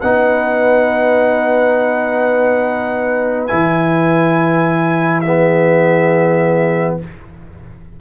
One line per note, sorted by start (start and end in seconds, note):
0.00 3.51 B3
0.00 3.49 D#4
0.00 5.22 B4
0.00 3.47 F#5
3.47 7.00 E3
3.47 5.23 E4
3.47 5.21 G#5
5.21 7.01 B3
5.21 6.99 G#4
5.21 6.95 E5